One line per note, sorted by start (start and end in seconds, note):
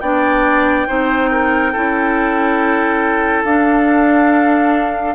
0.00 0.86 B3
0.00 0.87 D4
0.00 0.87 D5
0.00 3.43 G5
0.87 1.75 C4
0.87 1.73 D#4
0.87 1.30 C5
1.31 1.72 A#4
1.72 3.44 C#4
1.72 3.46 E4
1.72 5.15 A4
3.44 5.15 D4
3.44 5.15 F5